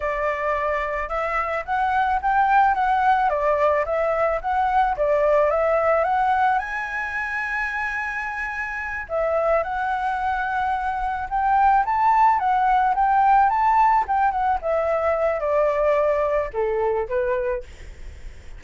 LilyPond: \new Staff \with { instrumentName = "flute" } { \time 4/4 \tempo 4 = 109 d''2 e''4 fis''4 | g''4 fis''4 d''4 e''4 | fis''4 d''4 e''4 fis''4 | gis''1~ |
gis''8 e''4 fis''2~ fis''8~ | fis''8 g''4 a''4 fis''4 g''8~ | g''8 a''4 g''8 fis''8 e''4. | d''2 a'4 b'4 | }